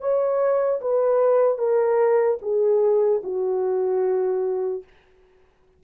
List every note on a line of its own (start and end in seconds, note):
0.00 0.80 C#5
0.81 1.58 B4
1.58 2.38 A#4
2.41 3.21 G#4
3.23 4.83 F#4